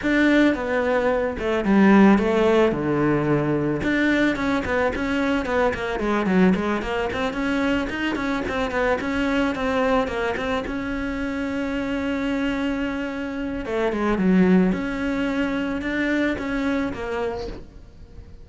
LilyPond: \new Staff \with { instrumentName = "cello" } { \time 4/4 \tempo 4 = 110 d'4 b4. a8 g4 | a4 d2 d'4 | cis'8 b8 cis'4 b8 ais8 gis8 fis8 | gis8 ais8 c'8 cis'4 dis'8 cis'8 c'8 |
b8 cis'4 c'4 ais8 c'8 cis'8~ | cis'1~ | cis'4 a8 gis8 fis4 cis'4~ | cis'4 d'4 cis'4 ais4 | }